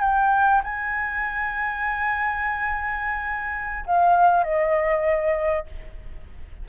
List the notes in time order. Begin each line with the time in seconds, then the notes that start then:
0.00 G5
0.63 G#5
3.85 F5
4.43 D#5